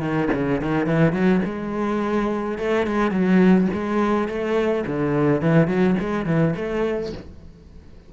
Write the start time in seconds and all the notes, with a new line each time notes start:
0.00 D#3
0.33 C#3
0.60 D#3
0.86 E3
1.12 F#3
1.45 G#3
2.58 A3
2.86 G#3
3.11 F#3
3.73 G#3
4.28 A3
4.86 D3
5.41 E3
5.67 F#3
5.99 G#3
6.25 E3
6.56 A3